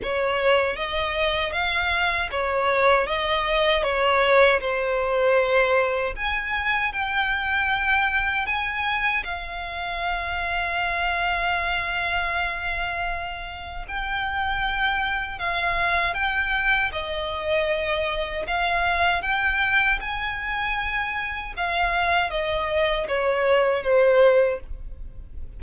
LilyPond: \new Staff \with { instrumentName = "violin" } { \time 4/4 \tempo 4 = 78 cis''4 dis''4 f''4 cis''4 | dis''4 cis''4 c''2 | gis''4 g''2 gis''4 | f''1~ |
f''2 g''2 | f''4 g''4 dis''2 | f''4 g''4 gis''2 | f''4 dis''4 cis''4 c''4 | }